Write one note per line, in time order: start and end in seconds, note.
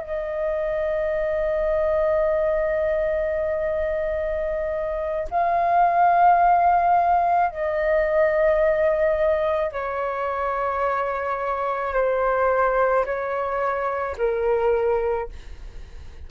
0.00 5.28 D#5
5.30 7.50 F5
7.50 9.72 D#5
9.72 11.93 C#5
11.93 13.05 C5
13.05 14.16 C#5
14.17 15.28 A#4